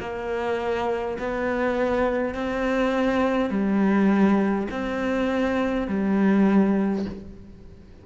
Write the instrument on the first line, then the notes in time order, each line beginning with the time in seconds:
cello
0.00 A#3
1.19 B3
2.35 C4
3.50 G3
4.71 C4
5.88 G3